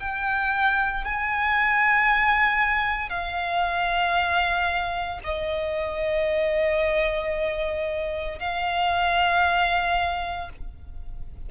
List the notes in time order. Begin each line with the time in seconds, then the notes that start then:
0.00 G5
1.05 G#5
3.10 F5
5.24 D#5
8.40 F5